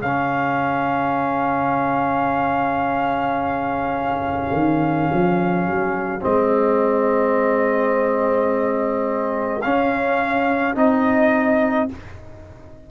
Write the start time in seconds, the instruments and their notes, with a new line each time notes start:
0.00 tuba C#3, trombone C#4, horn G#4, trumpet F5
4.53 tuba D#3
5.12 tuba F3
5.67 tuba F#3
6.21 tuba G#3, trombone C4, trumpet D#5
9.62 trombone C#4, tuba C#4, trumpet F5
10.75 tuba C4, trombone D#4, trumpet D#5